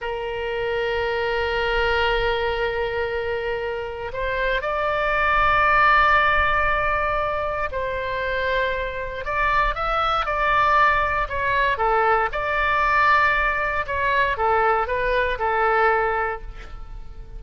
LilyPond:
\new Staff \with { instrumentName = "oboe" } { \time 4/4 \tempo 4 = 117 ais'1~ | ais'1 | c''4 d''2.~ | d''2. c''4~ |
c''2 d''4 e''4 | d''2 cis''4 a'4 | d''2. cis''4 | a'4 b'4 a'2 | }